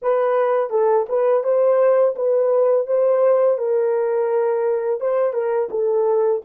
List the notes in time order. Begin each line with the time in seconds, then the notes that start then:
0.02 B4
0.70 A4
1.08 B4
1.43 C5
2.15 B4
2.86 C5
3.57 A#4
5.00 C5
5.33 A#4
5.70 A4